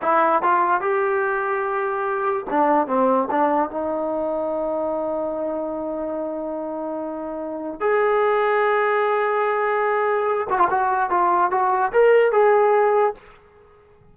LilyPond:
\new Staff \with { instrumentName = "trombone" } { \time 4/4 \tempo 4 = 146 e'4 f'4 g'2~ | g'2 d'4 c'4 | d'4 dis'2.~ | dis'1~ |
dis'2. gis'4~ | gis'1~ | gis'4. fis'16 f'16 fis'4 f'4 | fis'4 ais'4 gis'2 | }